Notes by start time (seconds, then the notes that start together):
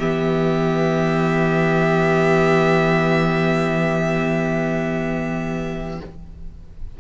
0.00 E3 B3 G4 E5